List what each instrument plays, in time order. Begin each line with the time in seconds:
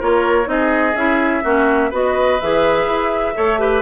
0.00 bassoon A#3, clarinet F4, oboe A#4, flute C#5
0.45 bassoon C4, clarinet D#4, flute D#5
0.52 oboe G#4
0.95 bassoon C#4, clarinet E4, flute E5
1.44 bassoon A#3, clarinet C#4, oboe F#4
1.90 bassoon B3, clarinet F#4, oboe B4, flute D#5
2.41 bassoon E3, clarinet G#4, flute E5
2.86 bassoon E4
3.35 bassoon A3, clarinet A4, oboe C#5
3.59 clarinet G4, oboe B4